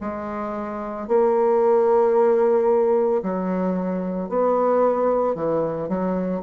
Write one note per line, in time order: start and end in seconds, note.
0.00 1.07 G#3
1.08 3.22 A#3
3.22 4.29 F#3
4.29 5.35 B3
5.35 5.88 E3
5.88 6.42 F#3